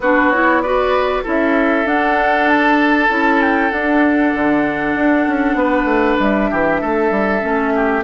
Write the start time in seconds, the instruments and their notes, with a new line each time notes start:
0.00 bassoon B3, clarinet D4, oboe F#4, flute B4
0.30 clarinet E4, flute C#5
0.61 clarinet F#4, oboe B4, flute D5
1.23 bassoon C#4, clarinet E4, oboe A4, flute E5
1.85 bassoon D4, clarinet D4, flute F#5
2.48 flute A5
3.09 bassoon C#4, clarinet E4
3.41 flute G5
3.70 bassoon D4, clarinet D4, flute F#5
4.34 bassoon D3
4.95 bassoon D4
5.27 bassoon C#4
5.54 bassoon B3, oboe B4
5.84 bassoon A3
6.19 bassoon G3, flute E5
6.50 bassoon E3, oboe G4
6.80 bassoon A3, oboe A4
7.10 bassoon G3
7.41 bassoon A3, clarinet C#4
7.74 oboe G4